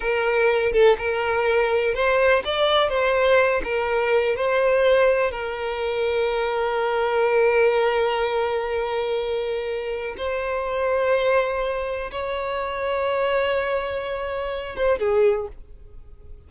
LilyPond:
\new Staff \with { instrumentName = "violin" } { \time 4/4 \tempo 4 = 124 ais'4. a'8 ais'2 | c''4 d''4 c''4. ais'8~ | ais'4 c''2 ais'4~ | ais'1~ |
ais'1~ | ais'4 c''2.~ | c''4 cis''2.~ | cis''2~ cis''8 c''8 gis'4 | }